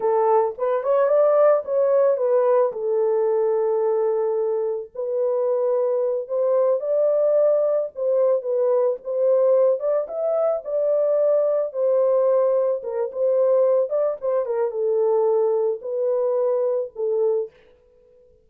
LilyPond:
\new Staff \with { instrumentName = "horn" } { \time 4/4 \tempo 4 = 110 a'4 b'8 cis''8 d''4 cis''4 | b'4 a'2.~ | a'4 b'2~ b'8 c''8~ | c''8 d''2 c''4 b'8~ |
b'8 c''4. d''8 e''4 d''8~ | d''4. c''2 ais'8 | c''4. d''8 c''8 ais'8 a'4~ | a'4 b'2 a'4 | }